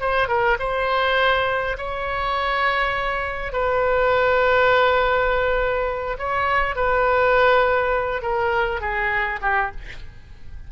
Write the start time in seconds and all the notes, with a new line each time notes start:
0.00 C5
0.28 A#4
0.59 C5
1.77 C#5
3.52 B4
6.18 C#5
6.75 B4
8.22 A#4
8.80 G#4
9.41 G4